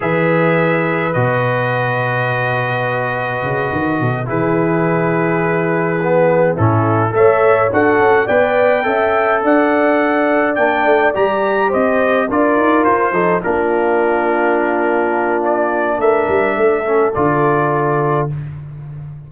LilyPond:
<<
  \new Staff \with { instrumentName = "trumpet" } { \time 4/4 \tempo 4 = 105 e''2 dis''2~ | dis''2.~ dis''8 b'8~ | b'2.~ b'8 a'8~ | a'8 e''4 fis''4 g''4.~ |
g''8 fis''2 g''4 ais''8~ | ais''8 dis''4 d''4 c''4 ais'8~ | ais'2. d''4 | e''2 d''2 | }
  \new Staff \with { instrumentName = "horn" } { \time 4/4 b'1~ | b'2. a'8 gis'8~ | gis'2.~ gis'8 e'8~ | e'8 cis''4 a'4 d''4 e''8~ |
e''8 d''2.~ d''8~ | d''8 c''4 ais'4. a'8 f'8~ | f'1 | ais'4 a'2. | }
  \new Staff \with { instrumentName = "trombone" } { \time 4/4 gis'2 fis'2~ | fis'2.~ fis'8 e'8~ | e'2~ e'8 b4 cis'8~ | cis'8 a'4 fis'4 b'4 a'8~ |
a'2~ a'8 d'4 g'8~ | g'4. f'4. dis'8 d'8~ | d'1~ | d'4. cis'8 f'2 | }
  \new Staff \with { instrumentName = "tuba" } { \time 4/4 e2 b,2~ | b,2 cis8 dis8 b,8 e8~ | e2.~ e8 a,8~ | a,8 a4 d'8 cis'8 b4 cis'8~ |
cis'8 d'2 ais8 a8 g8~ | g8 c'4 d'8 dis'8 f'8 f8 ais8~ | ais1 | a8 g8 a4 d2 | }
>>